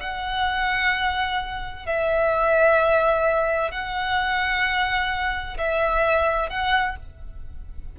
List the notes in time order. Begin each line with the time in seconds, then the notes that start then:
0.00 F#5
1.86 E5
3.71 F#5
5.58 E5
6.50 F#5